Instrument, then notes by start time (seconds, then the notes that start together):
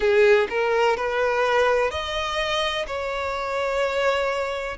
violin
0.00 G#4
0.49 A#4
0.97 B4
1.90 D#5
2.87 C#5